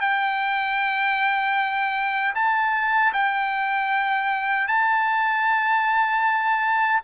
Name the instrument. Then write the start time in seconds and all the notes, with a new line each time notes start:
trumpet
0.00 G5
2.34 A5
3.13 G5
4.67 A5